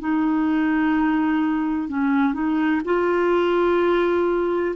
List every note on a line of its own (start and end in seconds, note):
0.00 1.89 D#4
1.89 2.34 C#4
2.34 2.82 D#4
2.85 4.76 F4